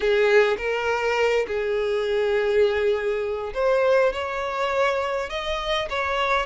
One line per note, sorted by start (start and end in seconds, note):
0.00 0.56 G#4
0.57 1.45 A#4
1.47 3.53 G#4
3.54 4.13 C5
4.13 5.29 C#5
5.29 5.88 D#5
5.89 6.45 C#5